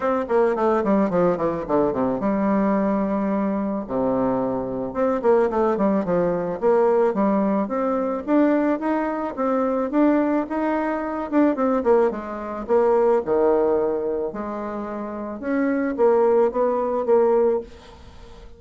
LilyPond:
\new Staff \with { instrumentName = "bassoon" } { \time 4/4 \tempo 4 = 109 c'8 ais8 a8 g8 f8 e8 d8 c8 | g2. c4~ | c4 c'8 ais8 a8 g8 f4 | ais4 g4 c'4 d'4 |
dis'4 c'4 d'4 dis'4~ | dis'8 d'8 c'8 ais8 gis4 ais4 | dis2 gis2 | cis'4 ais4 b4 ais4 | }